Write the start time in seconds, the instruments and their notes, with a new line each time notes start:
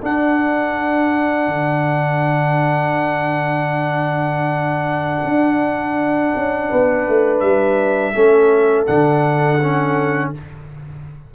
0.00 trombone D4, tuba D4, horn A4, trumpet F#5
1.47 tuba D3
5.24 tuba D4
6.35 tuba C#4
6.69 tuba B3, horn B4
7.08 tuba A3
7.39 tuba G3, trumpet E5
8.14 tuba A3, trombone C#4, horn A4
8.86 tuba D3, trombone D4, trumpet F#5
9.62 trombone C#4